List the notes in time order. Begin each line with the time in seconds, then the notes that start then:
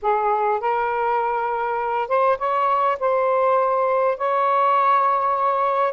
0.01 G#4
0.60 A#4
2.08 C5
2.38 C#5
2.99 C5
4.17 C#5